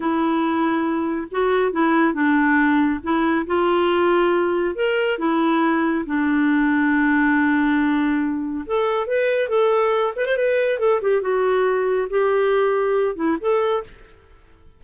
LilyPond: \new Staff \with { instrumentName = "clarinet" } { \time 4/4 \tempo 4 = 139 e'2. fis'4 | e'4 d'2 e'4 | f'2. ais'4 | e'2 d'2~ |
d'1 | a'4 b'4 a'4. b'16 c''16 | b'4 a'8 g'8 fis'2 | g'2~ g'8 e'8 a'4 | }